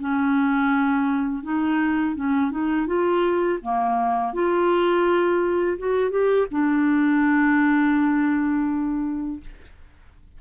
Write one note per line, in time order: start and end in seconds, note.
0.00 1.43 C#4
1.43 2.16 D#4
2.16 2.51 C#4
2.51 2.87 D#4
2.87 3.59 F4
3.62 4.33 A#3
4.33 5.78 F4
5.78 6.11 F#4
6.11 6.47 G4
6.51 9.40 D4